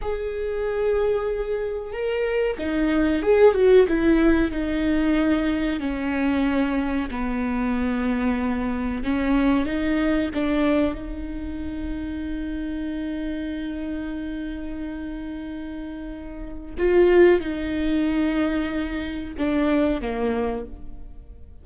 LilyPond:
\new Staff \with { instrumentName = "viola" } { \time 4/4 \tempo 4 = 93 gis'2. ais'4 | dis'4 gis'8 fis'8 e'4 dis'4~ | dis'4 cis'2 b4~ | b2 cis'4 dis'4 |
d'4 dis'2.~ | dis'1~ | dis'2 f'4 dis'4~ | dis'2 d'4 ais4 | }